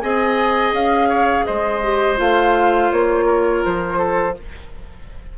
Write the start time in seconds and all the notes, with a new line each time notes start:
0.00 C4 G#4 D#5 G#5
0.72 C#4 F5
1.09 C#5
1.45 G#3 C5 D#5
1.83 G4
2.17 A3 F4 F5
2.92 A#3 C#5
3.26 A#4
3.64 F3 C5
3.98 A4